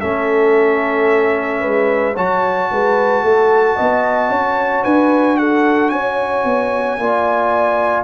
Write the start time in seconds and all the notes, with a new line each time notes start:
0.00 A3 C#4 A4 E5
1.60 G#3 B4
2.14 F#3 F#4 C#5 A5
2.71 G#3 B4
3.23 A3 A4
3.76 B3 D#5
4.29 C#4 C#5
4.83 D4 B4 G#5
5.37 A4 F#5
5.89 C#4 C#5 G#5
6.44 B3
6.98 A#3 F4 D5